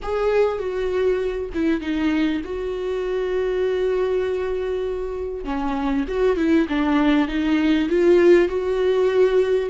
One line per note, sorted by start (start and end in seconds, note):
0.02 0.58 G#4
0.58 1.49 F#4
1.54 1.80 E4
1.80 2.41 D#4
2.44 5.44 F#4
5.44 6.05 C#4
6.08 6.36 F#4
6.36 6.67 E4
6.68 7.28 D4
7.28 7.88 D#4
7.89 8.48 F4
8.48 9.69 F#4